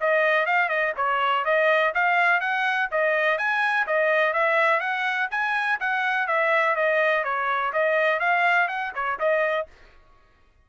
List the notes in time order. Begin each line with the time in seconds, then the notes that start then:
0.00 D#5
0.46 F5
0.68 D#5
0.96 C#5
1.45 D#5
1.94 F5
2.40 F#5
2.91 D#5
3.37 G#5
3.86 D#5
4.33 E5
4.79 F#5
5.31 G#5
5.80 F#5
6.27 E5
6.75 D#5
7.24 C#5
7.72 D#5
8.19 F5
8.68 F#5
8.94 C#5
9.19 D#5